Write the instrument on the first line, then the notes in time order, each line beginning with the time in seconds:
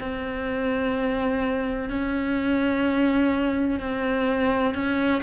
cello
0.00 C4
1.90 C#4
3.80 C4
4.74 C#4